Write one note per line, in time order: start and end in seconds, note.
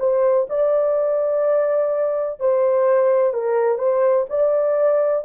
0.00 0.48 C5
0.50 2.40 D5
2.40 3.34 C5
3.34 3.79 A#4
3.79 4.26 C5
4.30 5.25 D5